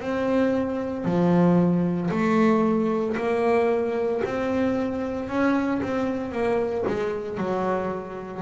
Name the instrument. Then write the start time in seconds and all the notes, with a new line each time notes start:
double bass
0.00 C4
1.05 F3
2.11 A3
3.17 A#3
4.25 C4
5.29 C#4
5.83 C4
6.32 A#3
6.88 G#3
7.38 F#3